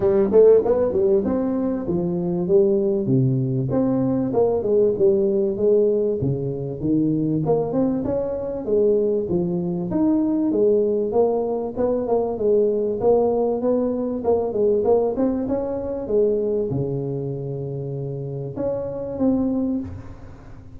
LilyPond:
\new Staff \with { instrumentName = "tuba" } { \time 4/4 \tempo 4 = 97 g8 a8 b8 g8 c'4 f4 | g4 c4 c'4 ais8 gis8 | g4 gis4 cis4 dis4 | ais8 c'8 cis'4 gis4 f4 |
dis'4 gis4 ais4 b8 ais8 | gis4 ais4 b4 ais8 gis8 | ais8 c'8 cis'4 gis4 cis4~ | cis2 cis'4 c'4 | }